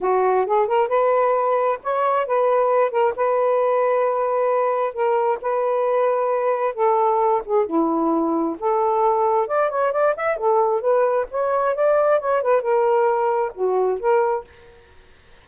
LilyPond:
\new Staff \with { instrumentName = "saxophone" } { \time 4/4 \tempo 4 = 133 fis'4 gis'8 ais'8 b'2 | cis''4 b'4. ais'8 b'4~ | b'2. ais'4 | b'2. a'4~ |
a'8 gis'8 e'2 a'4~ | a'4 d''8 cis''8 d''8 e''8 a'4 | b'4 cis''4 d''4 cis''8 b'8 | ais'2 fis'4 ais'4 | }